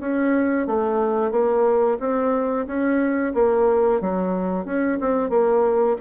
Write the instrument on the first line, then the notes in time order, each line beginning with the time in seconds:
bassoon
0.00 C#4
0.67 A3
1.31 A#3
2.00 C4
2.67 C#4
3.34 A#3
4.01 F#3
4.65 C#4
5.01 C4
5.30 A#3